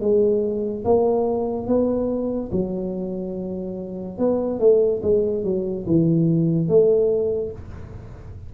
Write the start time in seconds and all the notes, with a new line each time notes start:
0.00 G#3
0.84 A#3
1.67 B3
2.52 F#3
4.18 B3
4.59 A3
5.03 G#3
5.44 F#3
5.86 E3
6.68 A3